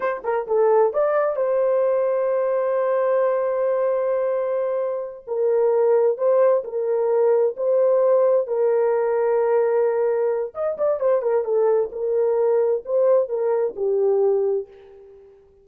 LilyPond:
\new Staff \with { instrumentName = "horn" } { \time 4/4 \tempo 4 = 131 c''8 ais'8 a'4 d''4 c''4~ | c''1~ | c''2.~ c''8 ais'8~ | ais'4. c''4 ais'4.~ |
ais'8 c''2 ais'4.~ | ais'2. dis''8 d''8 | c''8 ais'8 a'4 ais'2 | c''4 ais'4 g'2 | }